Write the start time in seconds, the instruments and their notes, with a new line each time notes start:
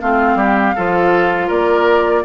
0.00 bassoon A3, clarinet C4, oboe F4, flute F5
0.35 bassoon G3, oboe G4
0.75 bassoon F3, clarinet F4, oboe A4
1.47 bassoon A#3, oboe A#4, flute D5